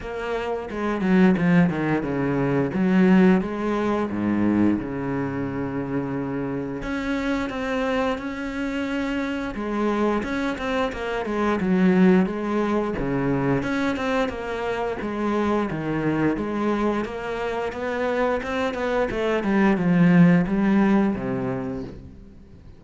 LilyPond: \new Staff \with { instrumentName = "cello" } { \time 4/4 \tempo 4 = 88 ais4 gis8 fis8 f8 dis8 cis4 | fis4 gis4 gis,4 cis4~ | cis2 cis'4 c'4 | cis'2 gis4 cis'8 c'8 |
ais8 gis8 fis4 gis4 cis4 | cis'8 c'8 ais4 gis4 dis4 | gis4 ais4 b4 c'8 b8 | a8 g8 f4 g4 c4 | }